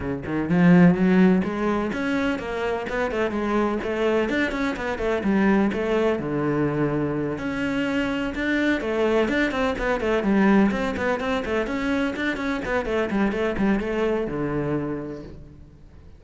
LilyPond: \new Staff \with { instrumentName = "cello" } { \time 4/4 \tempo 4 = 126 cis8 dis8 f4 fis4 gis4 | cis'4 ais4 b8 a8 gis4 | a4 d'8 cis'8 b8 a8 g4 | a4 d2~ d8 cis'8~ |
cis'4. d'4 a4 d'8 | c'8 b8 a8 g4 c'8 b8 c'8 | a8 cis'4 d'8 cis'8 b8 a8 g8 | a8 g8 a4 d2 | }